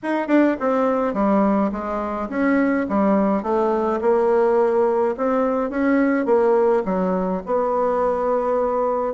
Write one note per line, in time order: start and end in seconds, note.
0.03 0.27 D#4
0.27 0.56 D4
0.59 1.13 C4
1.13 1.70 G3
1.71 2.29 G#3
2.29 2.86 C#4
2.88 3.42 G3
3.42 3.99 A3
4.01 5.15 A#3
5.17 5.70 C4
5.70 6.25 C#4
6.25 6.82 A#3
6.85 7.42 F#3
7.46 9.13 B3